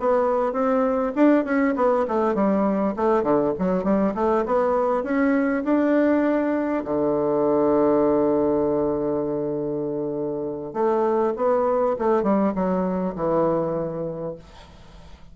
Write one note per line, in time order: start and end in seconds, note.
0.00 0.53 B3
0.53 1.13 C4
1.16 1.45 D4
1.45 1.75 C#4
1.76 2.06 B3
2.08 2.35 A3
2.35 2.95 G3
2.96 3.23 A3
3.23 3.53 D3
3.59 3.84 F#3
3.84 4.14 G3
4.15 4.45 A3
4.46 5.04 B3
5.04 5.64 C#4
5.64 6.84 D4
6.85 10.74 D3
10.74 11.34 A3
11.36 11.96 B3
11.99 12.23 A3
12.23 12.53 G3
12.55 13.15 F#3
13.16 14.36 E3